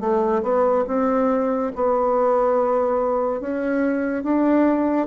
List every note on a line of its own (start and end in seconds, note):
0.00 0.42 A3
0.42 0.85 B3
0.87 1.72 C4
1.75 3.40 B3
3.40 4.23 C#4
4.23 5.07 D4